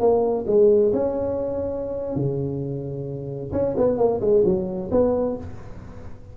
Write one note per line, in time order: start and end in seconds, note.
0.00 0.45 A#3
0.47 0.93 G#3
0.93 2.16 C#4
2.16 3.52 C#3
3.53 3.75 C#4
3.77 3.98 B3
3.98 4.20 A#3
4.21 4.44 G#3
4.45 4.90 F#3
4.91 5.37 B3